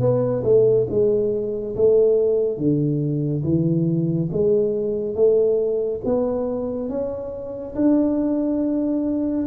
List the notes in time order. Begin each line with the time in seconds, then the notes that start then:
0.00 B3
0.44 A3
0.90 G#3
1.76 A3
2.58 D3
3.44 E3
4.32 G#3
5.15 A3
6.05 B3
6.89 C#4
7.75 D4